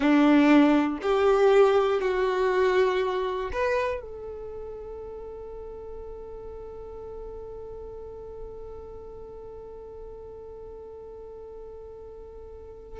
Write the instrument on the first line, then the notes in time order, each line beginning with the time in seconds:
violin
0.00 D4
1.01 G4
2.01 F#4
3.52 B4
4.00 A4